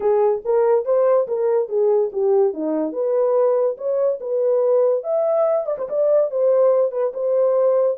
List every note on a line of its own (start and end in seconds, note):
0.00 0.42 G#4
0.44 0.85 A#4
0.85 1.27 C5
1.27 1.68 A#4
1.68 2.10 G#4
2.12 2.53 G4
2.53 2.92 D#4
2.92 3.76 B4
3.77 4.19 C#5
4.20 5.03 B4
5.03 5.66 E5
5.66 5.77 D5
5.78 5.88 C5
5.89 6.31 D5
6.31 6.91 C5
6.91 7.12 B4
7.13 7.97 C5